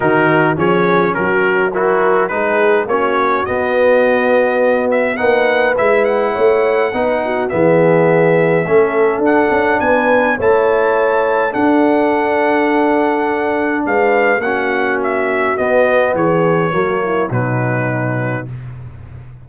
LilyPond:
<<
  \new Staff \with { instrumentName = "trumpet" } { \time 4/4 \tempo 4 = 104 ais'4 cis''4 ais'4 fis'4 | b'4 cis''4 dis''2~ | dis''8 e''8 fis''4 e''8 fis''4.~ | fis''4 e''2. |
fis''4 gis''4 a''2 | fis''1 | f''4 fis''4 e''4 dis''4 | cis''2 b'2 | }
  \new Staff \with { instrumentName = "horn" } { \time 4/4 fis'4 gis'4 fis'4 ais'4 | gis'4 fis'2.~ | fis'4 b'2 cis''4 | b'8 fis'8 gis'2 a'4~ |
a'4 b'4 cis''2 | a'1 | b'4 fis'2. | gis'4 fis'8 e'8 dis'2 | }
  \new Staff \with { instrumentName = "trombone" } { \time 4/4 dis'4 cis'2 e'4 | dis'4 cis'4 b2~ | b4 dis'4 e'2 | dis'4 b2 cis'4 |
d'2 e'2 | d'1~ | d'4 cis'2 b4~ | b4 ais4 fis2 | }
  \new Staff \with { instrumentName = "tuba" } { \time 4/4 dis4 f4 fis2 | gis4 ais4 b2~ | b4 ais4 gis4 a4 | b4 e2 a4 |
d'8 cis'8 b4 a2 | d'1 | gis4 ais2 b4 | e4 fis4 b,2 | }
>>